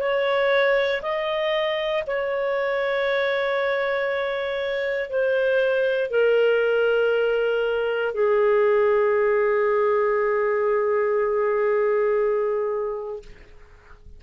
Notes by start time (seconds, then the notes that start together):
0.00 C#5
1.02 D#5
2.07 C#5
5.09 C5
6.11 A#4
8.14 G#4